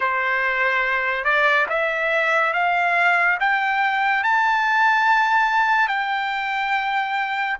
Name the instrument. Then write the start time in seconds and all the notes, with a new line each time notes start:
trumpet
0.00 C5
1.24 D5
1.69 E5
2.53 F5
3.40 G5
4.23 A5
5.88 G5